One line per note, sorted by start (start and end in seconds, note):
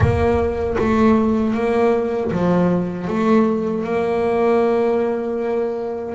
0.00 0.76 A#3
0.78 1.54 A3
1.54 2.31 A#3
2.31 3.07 F3
3.07 3.84 A3
3.84 6.14 A#3